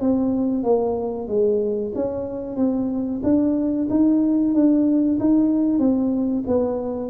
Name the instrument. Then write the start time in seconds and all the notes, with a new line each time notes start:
tuba
0.00 C4
0.63 A#3
1.28 G#3
1.95 C#4
2.56 C4
3.23 D4
3.89 D#4
4.54 D4
5.20 D#4
5.79 C4
6.47 B3